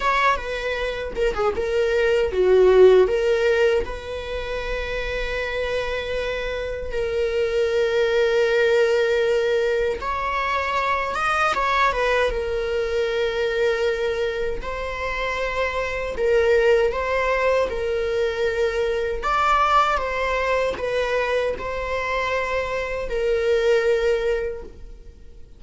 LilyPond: \new Staff \with { instrumentName = "viola" } { \time 4/4 \tempo 4 = 78 cis''8 b'4 ais'16 gis'16 ais'4 fis'4 | ais'4 b'2.~ | b'4 ais'2.~ | ais'4 cis''4. dis''8 cis''8 b'8 |
ais'2. c''4~ | c''4 ais'4 c''4 ais'4~ | ais'4 d''4 c''4 b'4 | c''2 ais'2 | }